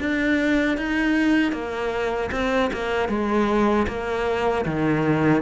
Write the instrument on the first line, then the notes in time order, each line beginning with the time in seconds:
cello
0.00 D4
0.78 D#4
1.52 A#3
2.32 C4
2.73 A#3
3.09 G#3
3.87 A#3
4.65 D#3